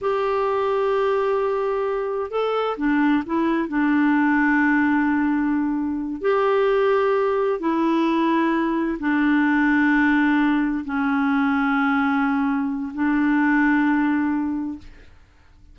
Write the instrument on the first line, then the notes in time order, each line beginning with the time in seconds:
clarinet
0.01 G4
2.30 A4
2.77 D4
3.25 E4
3.68 D4
6.21 G4
7.59 E4
8.99 D4
10.84 C#4
12.93 D4